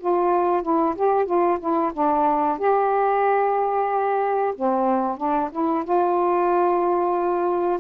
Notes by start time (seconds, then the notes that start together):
0.00 F4
0.63 E4
0.96 G4
1.26 F4
1.60 E4
1.94 D4
2.59 G4
4.56 C4
5.18 D4
5.52 E4
5.85 F4